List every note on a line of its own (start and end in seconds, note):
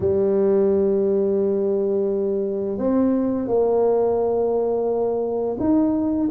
0.00 2.77 G3
2.77 3.47 C4
3.47 5.57 A#3
5.59 6.29 D#4